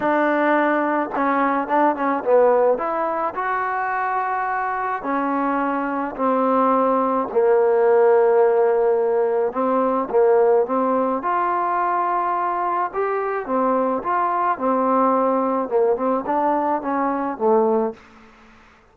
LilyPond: \new Staff \with { instrumentName = "trombone" } { \time 4/4 \tempo 4 = 107 d'2 cis'4 d'8 cis'8 | b4 e'4 fis'2~ | fis'4 cis'2 c'4~ | c'4 ais2.~ |
ais4 c'4 ais4 c'4 | f'2. g'4 | c'4 f'4 c'2 | ais8 c'8 d'4 cis'4 a4 | }